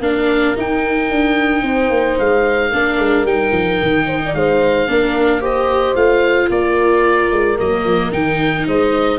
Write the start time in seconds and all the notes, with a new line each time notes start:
0.00 A#3 D4 A#4 F5
0.56 D#4 G5
1.11 D4
1.62 C4 C5
1.90 A#3
2.19 G#3 F5
2.70 A#3 D4 A#4
2.98 G#3
3.24 G3 D#4 G5
3.52 F3
3.82 D#3
4.06 C5
4.24 D5
4.34 G#3 C5 F5
4.88 A#3 D4 A#4
5.41 G4 C5 D#5
5.95 A3 F4 F5
6.50 A#3 A#4 D5
7.31 G#3
7.58 F#3 A#3 D#5
7.85 F3
8.11 D#3 D#4 G5
8.67 G#3 C5 D#5